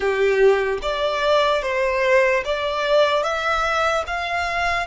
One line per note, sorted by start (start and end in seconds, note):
0.00 0.79 G4
0.81 1.62 D5
1.62 2.43 C5
2.44 3.22 D5
3.22 4.04 E5
4.07 4.86 F5